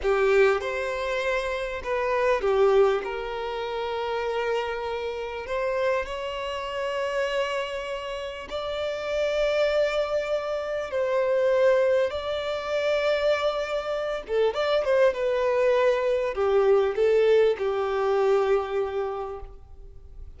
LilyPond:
\new Staff \with { instrumentName = "violin" } { \time 4/4 \tempo 4 = 99 g'4 c''2 b'4 | g'4 ais'2.~ | ais'4 c''4 cis''2~ | cis''2 d''2~ |
d''2 c''2 | d''2.~ d''8 a'8 | d''8 c''8 b'2 g'4 | a'4 g'2. | }